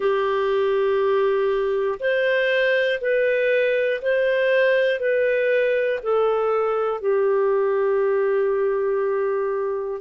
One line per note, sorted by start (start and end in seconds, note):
0.00 1.98 G4
1.99 2.99 C5
3.00 4.00 B4
4.01 4.99 C5
4.99 5.99 B4
6.03 7.00 A4
7.00 10.00 G4